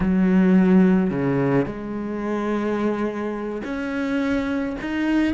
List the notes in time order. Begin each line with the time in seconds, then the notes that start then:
0.00 F#3
1.10 C#3
1.65 G#3
3.64 C#4
4.81 D#4